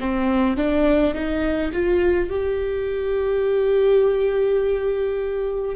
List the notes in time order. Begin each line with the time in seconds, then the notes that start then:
0.00 C4
0.57 D4
1.14 D#4
1.73 F4
2.30 G4